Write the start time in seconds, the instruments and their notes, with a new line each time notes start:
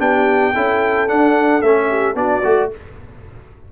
0.00 tuba B3, trombone D4, horn G4, trumpet G5
0.54 tuba C#4, trombone E4, horn A4
1.08 trombone D4, tuba D4, trumpet F#5
1.62 tuba A3, trombone C#4, trumpet E5
1.89 horn G4
2.15 tuba B3, trombone D4, horn F#4, trumpet D5
2.44 tuba A3, trombone F#4